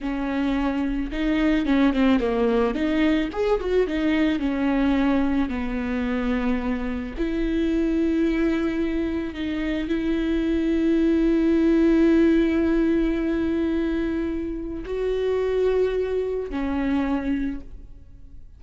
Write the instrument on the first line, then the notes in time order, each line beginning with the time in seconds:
viola
0.01 C#4
1.11 D#4
1.65 C#4
1.93 C4
2.19 A#3
2.74 D#4
3.32 G#4
3.60 F#4
3.86 D#4
4.39 C#4
5.49 B3
7.17 E4
9.34 D#4
9.88 E4
14.85 F#4
16.50 C#4